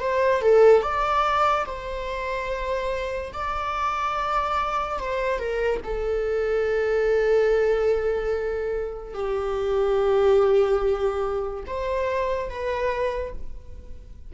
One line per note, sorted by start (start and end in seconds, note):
0.00 0.41 C5
0.41 0.82 A4
0.82 1.65 D5
1.66 3.32 C5
3.33 4.98 D5
4.98 5.39 C5
5.39 5.80 A#4
5.83 9.13 A4
9.13 11.63 G4
11.66 12.49 C5
12.49 13.32 B4